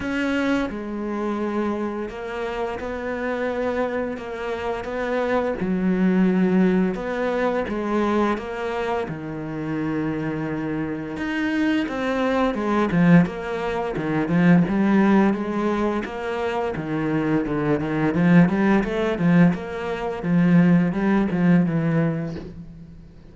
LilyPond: \new Staff \with { instrumentName = "cello" } { \time 4/4 \tempo 4 = 86 cis'4 gis2 ais4 | b2 ais4 b4 | fis2 b4 gis4 | ais4 dis2. |
dis'4 c'4 gis8 f8 ais4 | dis8 f8 g4 gis4 ais4 | dis4 d8 dis8 f8 g8 a8 f8 | ais4 f4 g8 f8 e4 | }